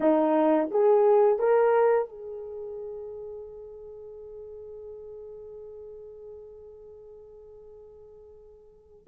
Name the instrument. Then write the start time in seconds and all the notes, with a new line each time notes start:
horn
0.00 D#4
0.70 G#4
1.39 A#4
2.08 G#4